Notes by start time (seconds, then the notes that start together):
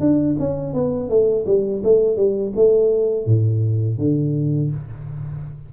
0.00 D4
0.39 C#4
0.74 B3
1.09 A3
1.47 G3
1.84 A3
2.17 G3
2.56 A3
3.26 A2
3.98 D3